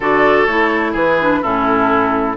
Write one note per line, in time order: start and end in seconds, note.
0.00 0.47 D3
0.00 0.48 F#4
0.00 0.91 A4
0.00 0.46 D5
0.46 0.94 A3
0.46 1.19 E4
0.46 0.93 C#5
0.91 1.41 E3
0.91 1.39 G#4
0.91 1.43 B4
1.21 1.43 D4
1.41 2.37 A2
1.41 2.37 C#4
1.41 2.36 E4
1.41 2.37 A4